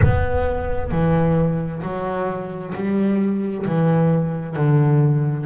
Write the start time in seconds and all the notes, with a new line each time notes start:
0.02 B3
0.91 E3
1.82 F#3
2.74 G3
3.66 E3
4.55 D3